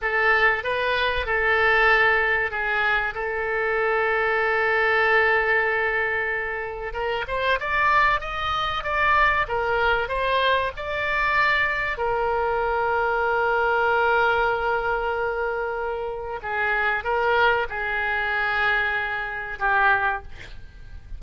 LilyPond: \new Staff \with { instrumentName = "oboe" } { \time 4/4 \tempo 4 = 95 a'4 b'4 a'2 | gis'4 a'2.~ | a'2. ais'8 c''8 | d''4 dis''4 d''4 ais'4 |
c''4 d''2 ais'4~ | ais'1~ | ais'2 gis'4 ais'4 | gis'2. g'4 | }